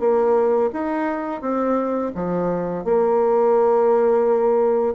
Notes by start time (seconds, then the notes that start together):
0.00 A#3
0.73 D#4
1.41 C4
2.15 F3
2.85 A#3